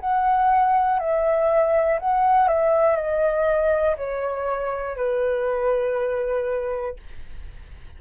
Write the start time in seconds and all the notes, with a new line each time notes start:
0.00 F#5
0.99 E5
2.00 F#5
2.48 E5
2.96 D#5
3.96 C#5
4.96 B4